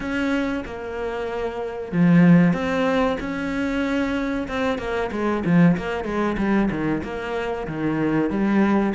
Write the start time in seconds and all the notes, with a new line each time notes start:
0.00 C#4
0.65 A#3
1.91 F3
2.53 C4
3.19 C#4
4.48 C4
4.78 A#3
5.11 G#3
5.45 F3
5.77 A#3
6.04 G#3
6.37 G3
6.70 D#3
7.03 A#3
7.67 D#3
8.29 G3